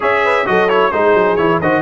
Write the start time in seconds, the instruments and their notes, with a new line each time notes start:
0.00 tuba C#4, trombone G#4, horn C#5, trumpet E5
0.24 horn B4
0.45 tuba F#3, trombone F#4, horn A4, trumpet D#5
0.68 trombone E4, trumpet C#5
0.91 tuba G#3, trombone D#4, horn G#4, trumpet C5
1.13 tuba F#3
1.36 tuba E3, trombone E4, trumpet C#5
1.60 tuba D#3, trombone F#4, horn C5, trumpet D#5